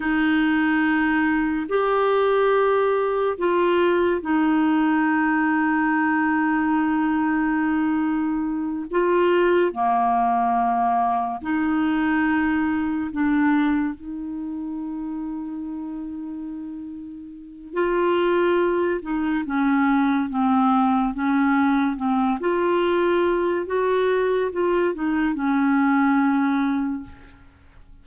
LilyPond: \new Staff \with { instrumentName = "clarinet" } { \time 4/4 \tempo 4 = 71 dis'2 g'2 | f'4 dis'2.~ | dis'2~ dis'8 f'4 ais8~ | ais4. dis'2 d'8~ |
d'8 dis'2.~ dis'8~ | dis'4 f'4. dis'8 cis'4 | c'4 cis'4 c'8 f'4. | fis'4 f'8 dis'8 cis'2 | }